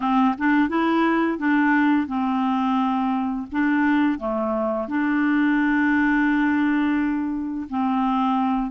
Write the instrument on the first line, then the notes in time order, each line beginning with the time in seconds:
clarinet
0.00 C4
0.38 D4
0.68 E4
1.38 D4
2.07 C4
3.51 D4
4.18 A3
4.88 D4
7.69 C4